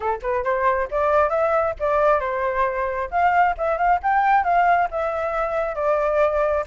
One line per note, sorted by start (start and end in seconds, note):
0.00 0.19 A4
0.22 0.44 B4
0.44 0.88 C5
0.91 1.29 D5
1.29 1.74 E5
1.79 2.20 D5
2.20 3.09 C5
3.11 3.55 F5
3.57 3.77 E5
3.77 3.99 F5
4.02 4.43 G5
4.43 4.88 F5
4.91 5.75 E5
5.75 6.64 D5